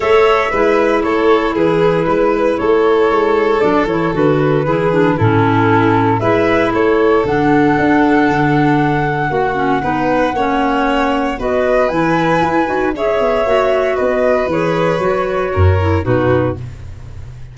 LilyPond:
<<
  \new Staff \with { instrumentName = "flute" } { \time 4/4 \tempo 4 = 116 e''2 cis''4 b'4~ | b'4 cis''2 d''8 cis''8 | b'2 a'2 | e''4 cis''4 fis''2~ |
fis''1~ | fis''2 dis''4 gis''4~ | gis''4 e''2 dis''4 | cis''2. b'4 | }
  \new Staff \with { instrumentName = "violin" } { \time 4/4 cis''4 b'4 a'4 gis'4 | b'4 a'2.~ | a'4 gis'4 e'2 | b'4 a'2.~ |
a'2 fis'4 b'4 | cis''2 b'2~ | b'4 cis''2 b'4~ | b'2 ais'4 fis'4 | }
  \new Staff \with { instrumentName = "clarinet" } { \time 4/4 a'4 e'2.~ | e'2. d'8 e'8 | fis'4 e'8 d'8 cis'2 | e'2 d'2~ |
d'2 fis'8 cis'8 dis'4 | cis'2 fis'4 e'4~ | e'8 fis'8 gis'4 fis'2 | gis'4 fis'4. e'8 dis'4 | }
  \new Staff \with { instrumentName = "tuba" } { \time 4/4 a4 gis4 a4 e4 | gis4 a4 gis4 fis8 e8 | d4 e4 a,2 | gis4 a4 d4 d'4 |
d2 ais4 b4 | ais2 b4 e4 | e'8 dis'8 cis'8 b8 ais4 b4 | e4 fis4 fis,4 b,4 | }
>>